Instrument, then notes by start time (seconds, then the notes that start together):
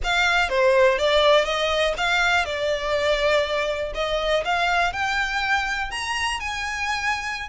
violin
0.03 F5
0.49 C5
0.98 D5
1.45 D#5
1.97 F5
2.45 D5
3.94 D#5
4.44 F5
4.92 G5
5.90 A#5
6.40 G#5